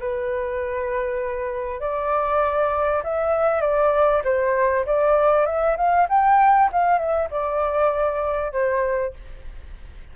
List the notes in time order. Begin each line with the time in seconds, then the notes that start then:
0.00 B4
1.80 D5
3.04 E5
3.61 D5
4.24 C5
4.86 D5
5.46 E5
5.77 F5
6.09 G5
6.73 F5
6.99 E5
7.31 D5
8.52 C5